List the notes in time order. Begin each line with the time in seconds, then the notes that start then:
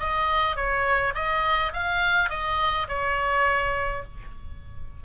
0.00 D#5
0.57 C#5
1.15 D#5
1.74 F5
2.30 D#5
2.89 C#5